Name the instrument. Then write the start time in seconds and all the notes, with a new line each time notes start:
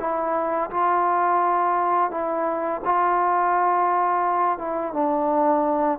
trombone
0.00 E4
0.71 F4
2.11 E4
2.85 F4
4.59 E4
4.94 D4